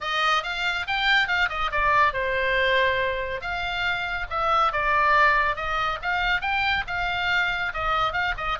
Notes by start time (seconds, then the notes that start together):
0.00 D#5
0.43 F5
0.87 G5
1.27 F5
1.49 D#5
1.71 D5
2.13 C5
3.41 F5
4.30 E5
4.72 D5
5.56 D#5
6.01 F5
6.41 G5
6.87 F5
7.73 D#5
8.12 F5
8.37 D#5